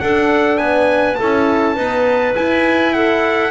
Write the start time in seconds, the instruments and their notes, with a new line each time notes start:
0.00 horn D4, double bass D4, clarinet A4, trumpet F#5
0.58 double bass B3, clarinet B4, trumpet G#5
1.15 horn E4, clarinet A4, trumpet A5
1.22 double bass C#4
1.75 horn B3, double bass D#4, clarinet B4
2.36 horn E4, double bass E4, trumpet G#5
2.94 clarinet A4, trumpet F#5